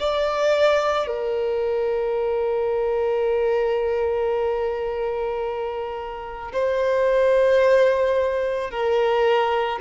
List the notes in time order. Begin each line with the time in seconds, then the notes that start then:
0.00 D5
1.07 A#4
6.53 C5
8.70 A#4